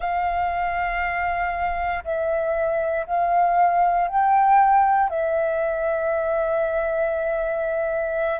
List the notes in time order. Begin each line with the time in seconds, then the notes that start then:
0.00 F5
2.04 E5
3.06 F5
4.07 G5
5.09 E5